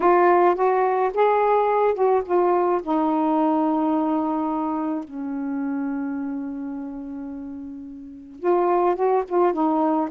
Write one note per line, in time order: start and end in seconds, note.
0.00 0.55 F4
0.55 1.11 F#4
1.14 1.94 G#4
1.94 2.22 F#4
2.25 2.81 F4
2.82 5.04 D#4
5.04 8.39 C#4
8.39 8.95 F4
8.95 9.23 F#4
9.28 9.53 F4
9.53 10.09 D#4